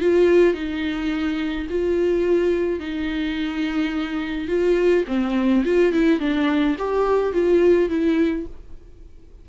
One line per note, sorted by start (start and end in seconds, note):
0.00 0.54 F4
0.54 1.67 D#4
1.69 2.79 F4
2.79 4.48 D#4
4.48 5.04 F4
5.07 5.64 C4
5.64 5.93 F4
5.93 6.20 E4
6.20 6.76 D4
6.78 7.33 G4
7.33 7.89 F4
7.89 8.46 E4